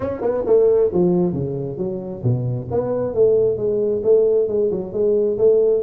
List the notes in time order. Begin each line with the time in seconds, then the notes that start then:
0.00 C#4
0.21 B3
0.46 A3
0.93 F3
1.33 C#3
1.77 F#3
2.23 B2
2.70 B3
3.14 A3
3.57 G#3
4.03 A3
4.48 G#3
4.71 F#3
4.92 G#3
5.38 A3